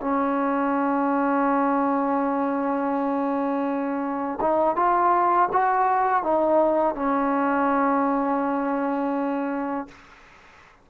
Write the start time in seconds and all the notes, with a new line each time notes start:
0.00 C#4
4.40 D#4
4.76 F4
5.52 F#4
6.23 D#4
6.95 C#4